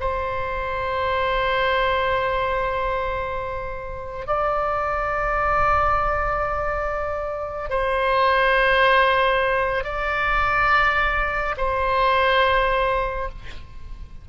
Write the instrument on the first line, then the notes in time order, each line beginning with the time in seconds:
oboe
0.00 C5
4.27 D5
7.69 C5
9.84 D5
11.57 C5